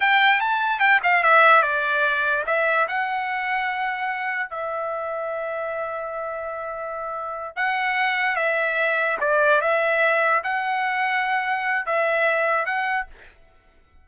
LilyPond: \new Staff \with { instrumentName = "trumpet" } { \time 4/4 \tempo 4 = 147 g''4 a''4 g''8 f''8 e''4 | d''2 e''4 fis''4~ | fis''2. e''4~ | e''1~ |
e''2~ e''8 fis''4.~ | fis''8 e''2 d''4 e''8~ | e''4. fis''2~ fis''8~ | fis''4 e''2 fis''4 | }